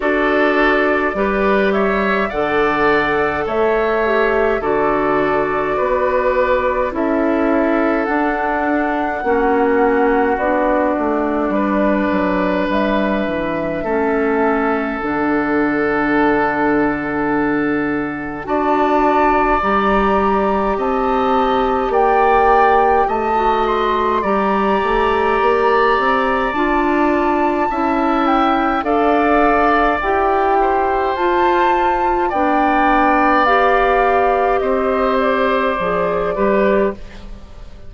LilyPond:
<<
  \new Staff \with { instrumentName = "flute" } { \time 4/4 \tempo 4 = 52 d''4. e''8 fis''4 e''4 | d''2 e''4 fis''4~ | fis''4 d''2 e''4~ | e''4 fis''2. |
a''4 ais''4 a''4 g''4 | a''8 c'''8 ais''2 a''4~ | a''8 g''8 f''4 g''4 a''4 | g''4 f''4 dis''8 d''4. | }
  \new Staff \with { instrumentName = "oboe" } { \time 4/4 a'4 b'8 cis''8 d''4 cis''4 | a'4 b'4 a'2 | fis'2 b'2 | a'1 |
d''2 dis''4 d''4 | dis''4 d''2. | e''4 d''4. c''4. | d''2 c''4. b'8 | }
  \new Staff \with { instrumentName = "clarinet" } { \time 4/4 fis'4 g'4 a'4. g'8 | fis'2 e'4 d'4 | cis'4 d'2. | cis'4 d'2. |
fis'4 g'2.~ | g'16 fis'8. g'2 f'4 | e'4 a'4 g'4 f'4 | d'4 g'2 gis'8 g'8 | }
  \new Staff \with { instrumentName = "bassoon" } { \time 4/4 d'4 g4 d4 a4 | d4 b4 cis'4 d'4 | ais4 b8 a8 g8 fis8 g8 e8 | a4 d2. |
d'4 g4 c'4 ais4 | a4 g8 a8 ais8 c'8 d'4 | cis'4 d'4 e'4 f'4 | b2 c'4 f8 g8 | }
>>